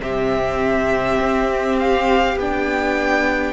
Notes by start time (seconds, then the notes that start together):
0.00 C3 C4 G4 E5
1.20 C4
1.78 F5
2.35 B3 D4 G5